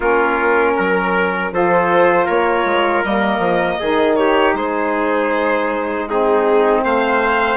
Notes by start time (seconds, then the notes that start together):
0.00 A#3 C#4 F4 A#4
0.76 F#3 A#4
1.52 F3 F4 A4 C5
2.24 A#3 A#4 C#5
2.65 G#3
3.04 G3 A#3 D#5
3.38 F3
3.79 D#3 D#4 G#4
4.15 G4 C#5
4.54 G#3 G#4 C5
6.08 C4 D#4 G#4
6.84 A3 C5 F5